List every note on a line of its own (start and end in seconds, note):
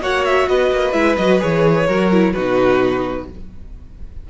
0.00 0.47 A#3
0.00 0.93 F#4
0.00 0.48 C#5
0.00 0.24 F#5
0.24 0.48 E5
0.47 0.71 B3
0.47 1.86 B4
0.47 0.92 D#5
0.71 0.93 A#3
0.92 1.16 G#3
0.92 1.16 E4
0.92 1.15 E5
1.16 1.41 F#3
1.16 1.39 F#4
1.16 1.39 D#5
1.39 1.88 E3
1.39 1.85 G#4
1.39 2.32 C#5
1.86 2.34 F#3
1.86 2.11 F#4
1.86 2.33 A#4
2.11 2.35 E4
2.32 3.29 B2
2.32 3.28 D#4
2.32 3.27 F#4
2.32 3.25 B4